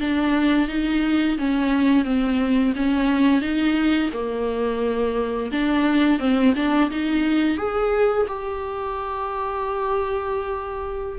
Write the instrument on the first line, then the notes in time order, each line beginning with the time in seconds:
viola
0.00 D4
0.68 D#4
1.38 C#4
2.04 C4
2.76 C#4
3.41 D#4
4.13 A#3
5.51 D4
6.19 C4
6.56 D4
6.91 D#4
7.57 G#4
8.28 G4